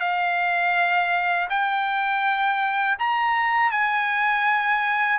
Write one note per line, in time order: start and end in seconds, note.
0.00 1.48 F5
1.49 2.98 G5
2.99 3.71 A#5
3.71 5.19 G#5